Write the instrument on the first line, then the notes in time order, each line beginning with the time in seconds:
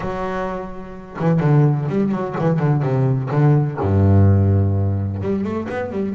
double bass
0.00 F#3
1.19 E3
1.40 D3
1.88 G3
2.11 F#3
2.39 E3
2.59 D3
2.82 C3
3.30 D3
3.80 G2
5.21 G3
5.43 A3
5.69 B3
5.91 G3